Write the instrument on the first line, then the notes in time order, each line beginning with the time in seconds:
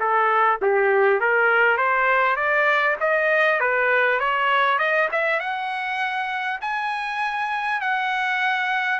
trumpet
0.00 A4
0.62 G4
1.20 A#4
1.77 C5
2.36 D5
3.01 D#5
3.60 B4
4.20 C#5
4.79 D#5
5.12 E5
5.40 F#5
6.61 G#5
7.81 F#5